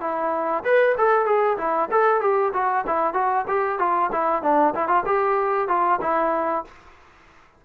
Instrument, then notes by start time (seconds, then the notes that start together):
trombone
0.00 E4
0.64 B4
0.97 A4
1.25 G#4
1.57 E4
1.91 A4
2.20 G4
2.53 F#4
2.87 E4
3.13 F#4
3.47 G4
3.79 F4
4.12 E4
4.42 D4
4.75 E4
4.88 F4
5.05 G4
5.68 F4
6.01 E4